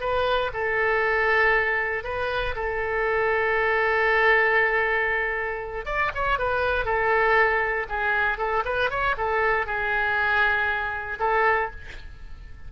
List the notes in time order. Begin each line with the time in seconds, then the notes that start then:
0.00 B4
0.53 A4
2.04 B4
2.55 A4
5.85 D5
6.14 C#5
6.38 B4
6.85 A4
7.89 G#4
8.37 A4
8.65 B4
8.90 C#5
9.17 A4
9.66 G#4
11.19 A4